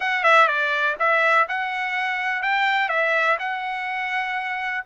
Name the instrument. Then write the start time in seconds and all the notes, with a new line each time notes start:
trumpet
0.00 F#5
0.23 E5
0.47 D5
0.99 E5
1.48 F#5
2.42 G5
2.89 E5
3.39 F#5